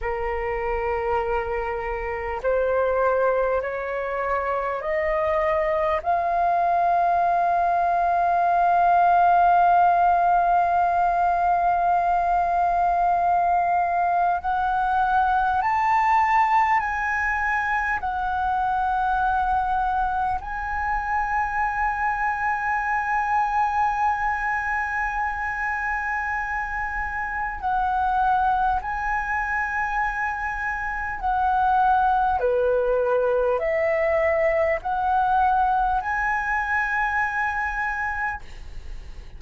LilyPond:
\new Staff \with { instrumentName = "flute" } { \time 4/4 \tempo 4 = 50 ais'2 c''4 cis''4 | dis''4 f''2.~ | f''1 | fis''4 a''4 gis''4 fis''4~ |
fis''4 gis''2.~ | gis''2. fis''4 | gis''2 fis''4 b'4 | e''4 fis''4 gis''2 | }